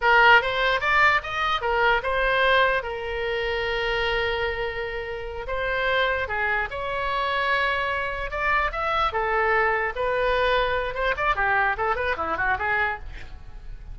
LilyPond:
\new Staff \with { instrumentName = "oboe" } { \time 4/4 \tempo 4 = 148 ais'4 c''4 d''4 dis''4 | ais'4 c''2 ais'4~ | ais'1~ | ais'4. c''2 gis'8~ |
gis'8 cis''2.~ cis''8~ | cis''8 d''4 e''4 a'4.~ | a'8 b'2~ b'8 c''8 d''8 | g'4 a'8 b'8 e'8 fis'8 gis'4 | }